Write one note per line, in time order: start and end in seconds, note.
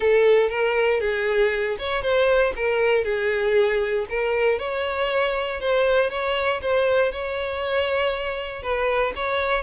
0.00 0.49 A4
0.49 1.00 A#4
1.00 1.76 G#4
1.78 2.02 C#5
2.02 2.53 C5
2.55 3.04 A#4
3.04 4.06 G#4
4.09 4.58 A#4
4.58 5.60 C#5
5.60 6.10 C5
6.10 6.61 C#5
6.61 7.12 C5
7.12 8.62 C#5
8.62 9.13 B4
9.15 9.62 C#5